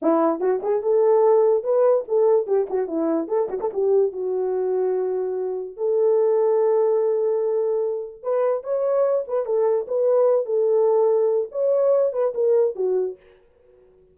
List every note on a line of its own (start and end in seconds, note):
0.01 0.40 E4
0.40 0.61 F#4
0.62 0.82 G#4
0.82 1.63 A4
1.63 2.04 B4
2.08 2.46 A4
2.46 2.67 G4
2.69 2.87 F#4
2.87 3.28 E4
3.28 3.48 A4
3.49 3.59 F#4
3.60 3.70 A4
3.73 4.12 G4
4.12 5.76 F#4
5.76 8.22 A4
8.22 8.63 B4
8.63 9.25 C#5
9.27 9.45 B4
9.45 9.86 A4
9.87 10.45 B4
10.45 11.48 A4
11.51 12.12 C#5
12.12 12.33 B4
12.34 12.75 A#4
12.75 13.16 F#4